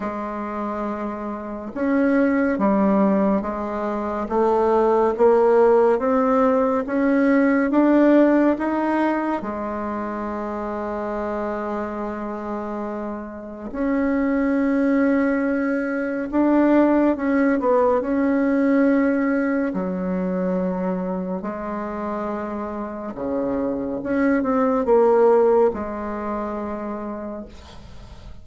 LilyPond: \new Staff \with { instrumentName = "bassoon" } { \time 4/4 \tempo 4 = 70 gis2 cis'4 g4 | gis4 a4 ais4 c'4 | cis'4 d'4 dis'4 gis4~ | gis1 |
cis'2. d'4 | cis'8 b8 cis'2 fis4~ | fis4 gis2 cis4 | cis'8 c'8 ais4 gis2 | }